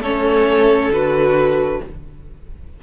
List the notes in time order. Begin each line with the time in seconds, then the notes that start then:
0.00 A3 C#4 A4 C#5
0.90 D3 F#4 B4